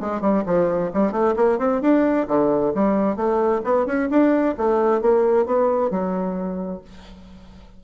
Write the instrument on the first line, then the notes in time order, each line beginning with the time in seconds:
bassoon
0.00 G#3
0.21 G3
0.46 F3
0.93 G3
1.12 A3
1.36 A#3
1.59 C4
1.81 D4
2.28 D3
2.74 G3
3.16 A3
3.64 B3
3.86 C#4
4.10 D4
4.57 A3
5.01 A#3
5.45 B3
5.90 F#3